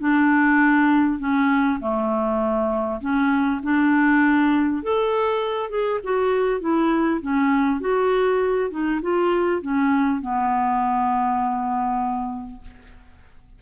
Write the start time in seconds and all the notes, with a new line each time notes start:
0.00 D4
1.19 C#4
1.81 A3
3.01 C#4
3.63 D4
4.83 A4
5.69 G#4
6.04 F#4
6.61 E4
7.22 C#4
7.81 F#4
8.71 D#4
9.02 F4
9.62 C#4
10.21 B3